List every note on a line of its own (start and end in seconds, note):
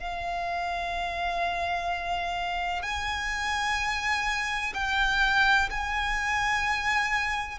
0.00 2.83 F5
2.83 4.74 G#5
4.74 5.70 G5
5.71 7.59 G#5